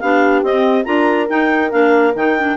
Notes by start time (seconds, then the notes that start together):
0.00 B3 D4 G4 F5
0.43 C4 D#5
0.85 D4 F4 A#4 A#5
1.29 D#4 G5
1.71 A#3 D4 F5
2.15 D#3 D#4 G5
2.38 D4